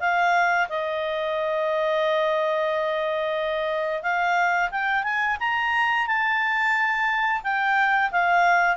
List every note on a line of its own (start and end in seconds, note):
0.00 0.67 F5
0.68 4.02 D#5
4.02 4.69 F5
4.71 5.03 G5
5.03 5.37 G#5
5.40 6.07 A#5
6.07 7.42 A5
7.43 8.11 G5
8.11 8.76 F5